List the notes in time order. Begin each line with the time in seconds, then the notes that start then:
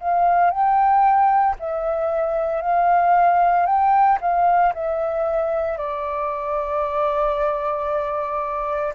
0.00 F5
0.50 G5
1.59 E5
2.62 F5
3.66 G5
4.21 F5
4.74 E5
5.78 D5